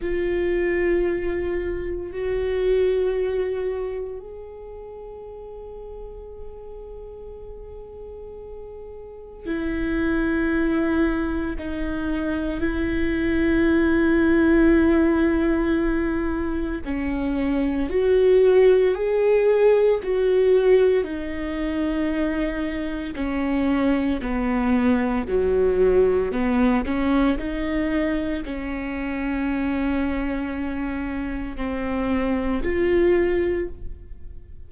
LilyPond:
\new Staff \with { instrumentName = "viola" } { \time 4/4 \tempo 4 = 57 f'2 fis'2 | gis'1~ | gis'4 e'2 dis'4 | e'1 |
cis'4 fis'4 gis'4 fis'4 | dis'2 cis'4 b4 | fis4 b8 cis'8 dis'4 cis'4~ | cis'2 c'4 f'4 | }